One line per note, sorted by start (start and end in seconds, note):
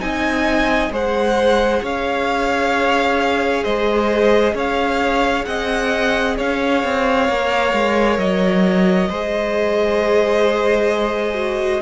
0.00 0.91 C4
0.00 0.91 D#4
0.00 0.93 D#5
0.00 0.92 G#5
0.91 1.82 G#3
0.91 7.29 G#4
0.91 1.83 C5
0.91 1.85 F#5
1.83 3.64 C#4
1.83 3.64 C#5
1.83 3.64 F5
3.64 4.55 G#3
3.64 4.55 C5
3.64 4.55 D#5
4.55 5.46 C#4
4.55 5.46 C#5
4.55 5.45 F5
5.45 6.38 C4
5.45 6.37 D#5
5.45 6.36 F#5
6.37 6.84 C#4
6.37 9.09 C#5
6.37 8.19 F5
6.84 7.29 C4
7.29 7.74 A#3
7.29 9.11 A#4
7.74 8.18 G#3
8.18 9.09 F#3
8.18 11.82 D#5
9.09 11.82 G#3
9.09 11.35 G#4
9.09 11.82 C5
11.35 11.80 F#4